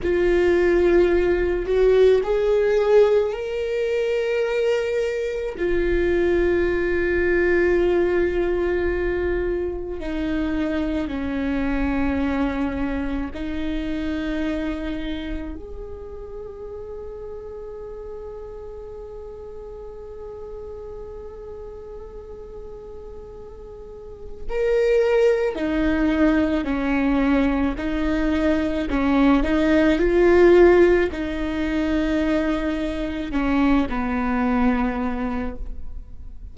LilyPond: \new Staff \with { instrumentName = "viola" } { \time 4/4 \tempo 4 = 54 f'4. fis'8 gis'4 ais'4~ | ais'4 f'2.~ | f'4 dis'4 cis'2 | dis'2 gis'2~ |
gis'1~ | gis'2 ais'4 dis'4 | cis'4 dis'4 cis'8 dis'8 f'4 | dis'2 cis'8 b4. | }